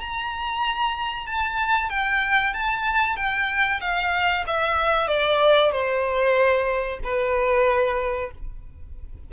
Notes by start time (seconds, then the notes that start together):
0.00 A#5
1.26 A5
1.89 G5
2.53 A5
3.16 G5
3.80 F5
4.46 E5
5.07 D5
5.71 C5
7.03 B4